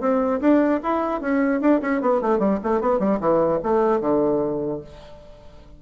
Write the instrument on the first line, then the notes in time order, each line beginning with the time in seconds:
bassoon
0.00 C4
0.40 D4
0.83 E4
1.21 C#4
1.61 D4
1.81 C#4
2.01 B3
2.21 A3
2.39 G3
2.63 A3
2.81 B3
2.99 G3
3.20 E3
3.63 A3
4.00 D3